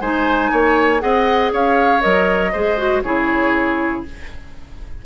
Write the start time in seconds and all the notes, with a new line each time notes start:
0.00 G#3 D#4 C5 G#5
0.51 A#3 C#5
0.99 C4 G#4 D#5 F#5
1.52 C#4 C#5 F5
2.01 F#3 A#4 D#5
2.52 G#3 G#4 C5
2.77 F#4
3.02 C#3 E4 G#4 C#5